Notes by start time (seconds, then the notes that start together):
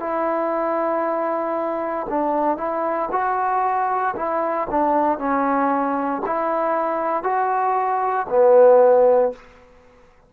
0.00 E4
2.10 D4
2.58 E4
3.12 F#4
4.16 E4
4.70 D4
5.19 C#4
6.26 E4
7.23 F#4
8.29 B3